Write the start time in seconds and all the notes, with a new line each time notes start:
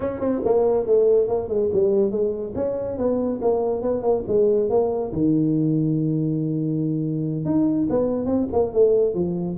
0.00 C#4
0.20 C4
0.44 A#3
0.86 A3
1.28 A#3
1.48 G#3
1.73 G3
2.11 G#3
2.55 C#4
2.97 B3
3.41 A#3
3.82 B3
4.02 A#3
4.27 G#3
4.69 A#3
5.12 D#3
7.45 D#4
7.89 B3
8.25 C4
8.52 A#3
8.73 A3
9.14 F3